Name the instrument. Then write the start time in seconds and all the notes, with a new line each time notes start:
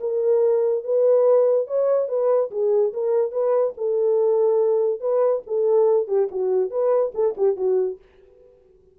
horn
0.00 A#4
0.84 B4
1.67 C#5
2.08 B4
2.51 G#4
2.93 A#4
3.32 B4
3.77 A4
5.00 B4
5.47 A4
6.08 G4
6.31 F#4
6.70 B4
7.14 A4
7.37 G4
7.56 F#4